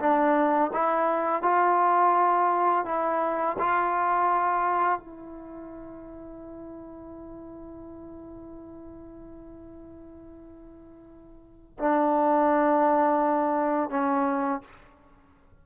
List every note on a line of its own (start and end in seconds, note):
0.00 0.71 D4
0.74 1.43 E4
1.43 2.86 F4
2.86 3.57 E4
3.59 5.00 F4
5.00 11.78 E4
11.80 13.90 D4
13.90 14.62 C#4